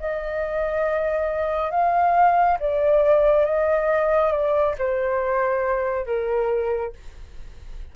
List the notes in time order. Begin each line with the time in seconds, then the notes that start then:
0.00 D#5
1.71 F5
2.60 D5
3.45 D#5
4.32 D5
4.79 C5
6.06 A#4